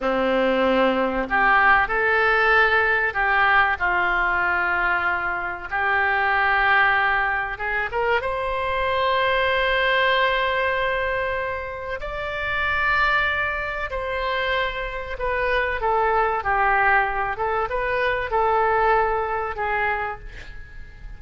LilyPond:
\new Staff \with { instrumentName = "oboe" } { \time 4/4 \tempo 4 = 95 c'2 g'4 a'4~ | a'4 g'4 f'2~ | f'4 g'2. | gis'8 ais'8 c''2.~ |
c''2. d''4~ | d''2 c''2 | b'4 a'4 g'4. a'8 | b'4 a'2 gis'4 | }